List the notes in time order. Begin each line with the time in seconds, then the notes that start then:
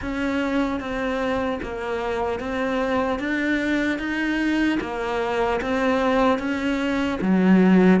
0.01 C#4
0.80 C4
1.62 A#3
2.39 C4
3.19 D4
3.99 D#4
4.80 A#3
5.61 C4
6.38 C#4
7.21 F#3